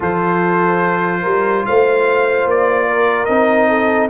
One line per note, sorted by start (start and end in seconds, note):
0.00 1.24 F3
0.00 3.28 F4
0.00 1.22 A4
0.00 1.65 C5
1.22 1.65 G3
1.22 1.63 A#4
1.65 2.45 A3
1.65 2.87 C5
1.65 2.47 F5
2.45 3.28 A#3
2.45 3.25 D5
2.87 3.68 A#4
3.25 4.10 C4
3.25 4.10 D#4
3.25 4.07 D#5
3.68 4.10 A4